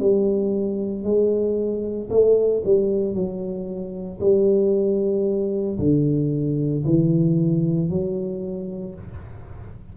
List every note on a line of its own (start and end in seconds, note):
0.00 1.04 G3
1.04 2.09 G#3
2.11 2.63 A3
2.65 3.14 G3
3.14 4.20 F#3
4.21 5.79 G3
5.79 6.85 D3
6.86 7.90 E3
7.90 8.95 F#3